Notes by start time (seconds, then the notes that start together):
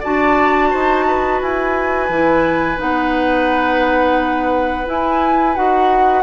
0.00 D4 F#4 D5 A5
0.70 D#4 C5
1.08 B4
1.42 E4 G#5
2.09 E3 E4
2.77 B3 D#4 F#5
4.86 E4 G#5
5.55 D#4 F#4 F#5